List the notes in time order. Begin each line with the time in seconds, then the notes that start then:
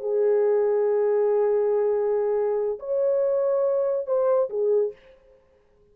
0.00 G#4
2.79 C#5
4.06 C5
4.49 G#4